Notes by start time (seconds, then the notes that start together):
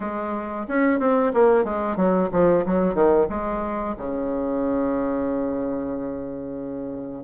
0.00 G#3
0.67 C#4
0.99 C4
1.33 A#3
1.64 G#3
1.96 F#3
2.31 F3
2.65 F#3
2.94 D#3
3.29 G#3
3.97 C#3